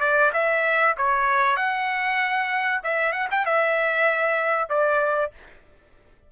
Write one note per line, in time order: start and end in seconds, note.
0.00 0.31 D5
0.33 0.95 E5
0.97 1.56 C#5
1.56 2.81 F#5
2.84 3.12 E5
3.12 3.28 F#5
3.31 3.46 G5
3.46 4.69 E5
4.69 5.32 D5